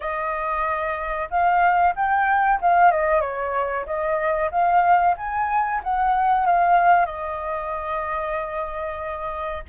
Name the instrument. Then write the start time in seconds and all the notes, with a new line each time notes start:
flute
0.00 D#5
1.30 F5
1.95 G5
2.61 F5
2.91 D#5
3.21 C#5
3.86 D#5
4.51 F5
5.17 G#5
5.83 F#5
6.46 F5
7.05 D#5